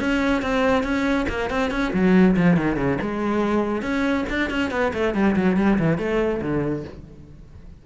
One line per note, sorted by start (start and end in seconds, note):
0.00 0.42 C#4
0.42 0.83 C4
0.83 1.26 C#4
1.29 1.50 A#3
1.50 1.71 C4
1.71 1.92 C#4
1.93 2.36 F#3
2.36 2.57 F3
2.57 2.77 D#3
2.77 2.98 C#3
3.01 3.82 G#3
3.82 4.25 C#4
4.30 4.50 D4
4.50 4.71 C#4
4.71 4.92 B3
4.94 5.14 A3
5.14 5.36 G3
5.36 5.57 F#3
5.57 5.79 G3
5.79 5.98 E3
5.98 6.41 A3
6.42 6.85 D3